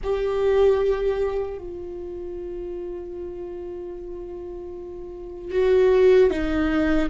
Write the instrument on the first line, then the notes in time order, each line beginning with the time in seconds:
viola
0.03 G4
1.58 F4
5.51 F#4
6.30 D#4